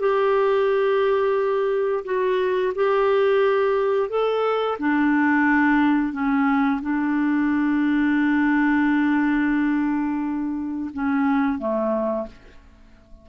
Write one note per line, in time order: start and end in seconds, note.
0.00 2.05 G4
2.05 2.73 F#4
2.75 4.09 G4
4.09 4.78 A4
4.79 6.13 D4
6.13 6.81 C#4
6.82 10.91 D4
10.94 11.59 C#4
11.59 12.27 A3